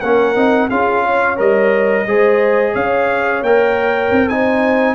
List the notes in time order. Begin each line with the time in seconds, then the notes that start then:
0.00 A#3 C#4 A#4 F#5
0.35 C4 D#4
0.69 C#4 F4 G#4 F5
1.02 C#5
1.37 G3 A#4 D#5
2.06 G#3 G#4 C5
2.72 C#4 C#5 F5
3.42 A#3 A#4 G5
4.11 C4
4.28 D#4 C5 G#5